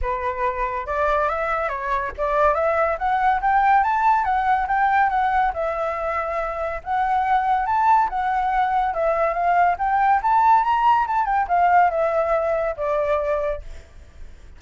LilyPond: \new Staff \with { instrumentName = "flute" } { \time 4/4 \tempo 4 = 141 b'2 d''4 e''4 | cis''4 d''4 e''4 fis''4 | g''4 a''4 fis''4 g''4 | fis''4 e''2. |
fis''2 a''4 fis''4~ | fis''4 e''4 f''4 g''4 | a''4 ais''4 a''8 g''8 f''4 | e''2 d''2 | }